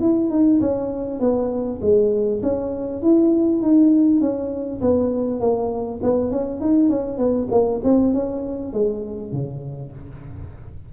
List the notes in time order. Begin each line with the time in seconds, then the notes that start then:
0.00 E4
0.30 D#4
0.61 C#4
1.20 B3
1.81 G#3
2.42 C#4
3.02 E4
3.62 D#4
4.21 C#4
4.81 B3
5.40 A#3
6.02 B3
6.31 C#4
6.61 D#4
6.89 C#4
7.18 B3
7.51 A#3
7.84 C4
8.13 C#4
8.73 G#3
9.32 C#3